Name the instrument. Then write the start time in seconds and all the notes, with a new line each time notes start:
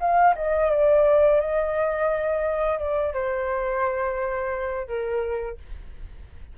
flute
0.00 F5
0.36 D#5
0.71 D5
1.41 D#5
2.79 D5
3.14 C5
4.88 A#4